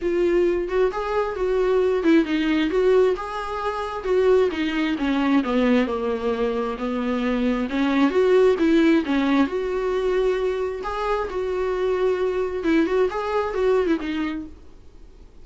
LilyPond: \new Staff \with { instrumentName = "viola" } { \time 4/4 \tempo 4 = 133 f'4. fis'8 gis'4 fis'4~ | fis'8 e'8 dis'4 fis'4 gis'4~ | gis'4 fis'4 dis'4 cis'4 | b4 ais2 b4~ |
b4 cis'4 fis'4 e'4 | cis'4 fis'2. | gis'4 fis'2. | e'8 fis'8 gis'4 fis'8. e'16 dis'4 | }